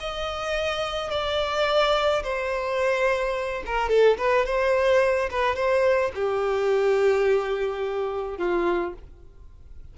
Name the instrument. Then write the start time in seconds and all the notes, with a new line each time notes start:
violin
0.00 D#5
1.10 D5
2.23 C5
3.66 A#4
3.89 A4
4.18 B4
4.45 C5
5.30 B4
5.55 C5
6.15 G4
8.37 F4